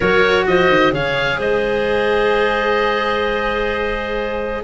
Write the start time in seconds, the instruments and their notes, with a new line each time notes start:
0.00 tuba F#3, cello F#4, clarinet A#4, oboe C#5
0.47 tuba F3, clarinet C5, oboe D#5
0.69 tuba D#3
0.91 tuba C#3, cello G#4, clarinet C#5, oboe F5
1.37 tuba G#3, clarinet C5, oboe D#5